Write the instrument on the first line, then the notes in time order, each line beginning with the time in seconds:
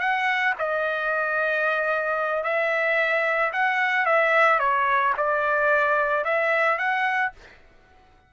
trumpet
0.00 F#5
0.58 D#5
2.44 E5
3.53 F#5
4.06 E5
4.60 C#5
5.17 D5
6.25 E5
6.78 F#5